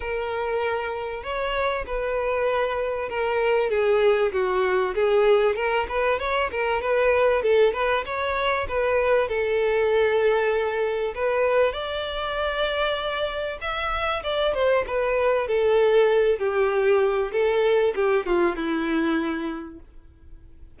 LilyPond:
\new Staff \with { instrumentName = "violin" } { \time 4/4 \tempo 4 = 97 ais'2 cis''4 b'4~ | b'4 ais'4 gis'4 fis'4 | gis'4 ais'8 b'8 cis''8 ais'8 b'4 | a'8 b'8 cis''4 b'4 a'4~ |
a'2 b'4 d''4~ | d''2 e''4 d''8 c''8 | b'4 a'4. g'4. | a'4 g'8 f'8 e'2 | }